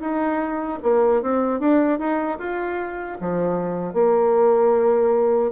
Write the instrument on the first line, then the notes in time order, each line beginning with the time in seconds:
bassoon
0.00 D#4
0.83 A#3
1.22 C4
1.59 D4
1.99 D#4
2.38 F4
3.20 F3
3.93 A#3